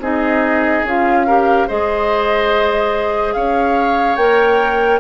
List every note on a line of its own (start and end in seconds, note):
0.00 0.83 C4
0.00 0.85 D#4
0.00 1.27 G#4
0.00 0.87 D#5
0.84 1.67 C#4
0.84 1.28 F4
0.84 1.69 F5
1.27 1.69 G4
1.27 1.68 A#4
1.68 3.35 G#3
1.68 4.19 G#4
1.68 3.35 C5
1.68 3.34 D#5
3.34 4.17 C#4
3.34 5.01 C#5
3.34 4.16 F5
4.16 5.00 A#3
4.16 5.01 A#4
4.16 5.00 G5